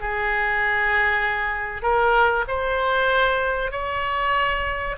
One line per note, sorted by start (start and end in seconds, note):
0.00 1.82 G#4
1.82 2.45 A#4
2.48 3.71 C5
3.71 4.96 C#5